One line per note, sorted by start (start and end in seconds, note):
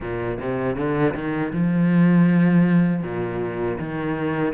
0.00 0.38 A#2
0.39 0.76 C3
0.76 1.14 D3
1.14 1.52 D#3
1.53 3.02 F3
3.02 3.78 A#2
3.78 4.53 D#3